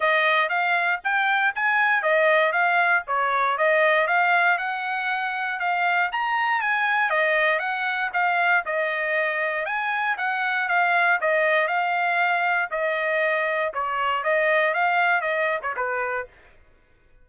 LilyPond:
\new Staff \with { instrumentName = "trumpet" } { \time 4/4 \tempo 4 = 118 dis''4 f''4 g''4 gis''4 | dis''4 f''4 cis''4 dis''4 | f''4 fis''2 f''4 | ais''4 gis''4 dis''4 fis''4 |
f''4 dis''2 gis''4 | fis''4 f''4 dis''4 f''4~ | f''4 dis''2 cis''4 | dis''4 f''4 dis''8. cis''16 b'4 | }